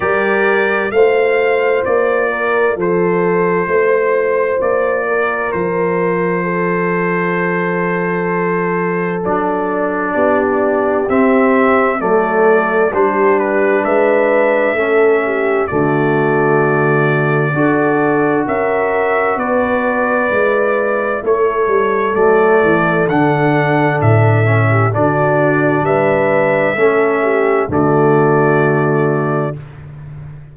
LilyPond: <<
  \new Staff \with { instrumentName = "trumpet" } { \time 4/4 \tempo 4 = 65 d''4 f''4 d''4 c''4~ | c''4 d''4 c''2~ | c''2 d''2 | e''4 d''4 c''8 b'8 e''4~ |
e''4 d''2. | e''4 d''2 cis''4 | d''4 fis''4 e''4 d''4 | e''2 d''2 | }
  \new Staff \with { instrumentName = "horn" } { \time 4/4 ais'4 c''4. ais'8 a'4 | c''4. ais'4. a'4~ | a'2. g'4~ | g'4 a'4 g'4 b'4 |
a'8 g'8 fis'2 a'4 | ais'4 b'2 a'4~ | a'2~ a'8. g'16 fis'4 | b'4 a'8 g'8 fis'2 | }
  \new Staff \with { instrumentName = "trombone" } { \time 4/4 g'4 f'2.~ | f'1~ | f'2 d'2 | c'4 a4 d'2 |
cis'4 a2 fis'4~ | fis'2 e'2 | a4 d'4. cis'8 d'4~ | d'4 cis'4 a2 | }
  \new Staff \with { instrumentName = "tuba" } { \time 4/4 g4 a4 ais4 f4 | a4 ais4 f2~ | f2 fis4 b4 | c'4 fis4 g4 gis4 |
a4 d2 d'4 | cis'4 b4 gis4 a8 g8 | fis8 e8 d4 a,4 d4 | g4 a4 d2 | }
>>